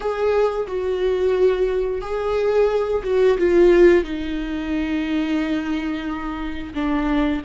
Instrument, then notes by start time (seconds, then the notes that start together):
viola
0.00 G#4
0.67 F#4
2.01 G#4
3.03 F#4
3.37 F4
4.04 D#4
6.74 D4